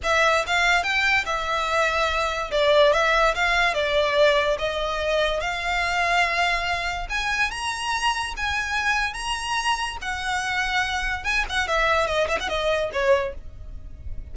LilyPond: \new Staff \with { instrumentName = "violin" } { \time 4/4 \tempo 4 = 144 e''4 f''4 g''4 e''4~ | e''2 d''4 e''4 | f''4 d''2 dis''4~ | dis''4 f''2.~ |
f''4 gis''4 ais''2 | gis''2 ais''2 | fis''2. gis''8 fis''8 | e''4 dis''8 e''16 fis''16 dis''4 cis''4 | }